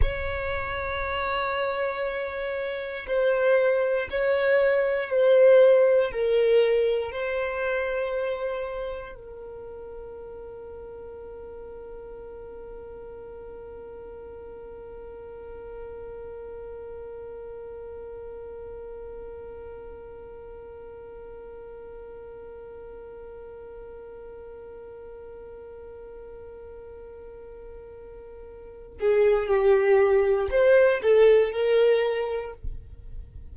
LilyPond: \new Staff \with { instrumentName = "violin" } { \time 4/4 \tempo 4 = 59 cis''2. c''4 | cis''4 c''4 ais'4 c''4~ | c''4 ais'2.~ | ais'1~ |
ais'1~ | ais'1~ | ais'1~ | ais'8 gis'8 g'4 c''8 a'8 ais'4 | }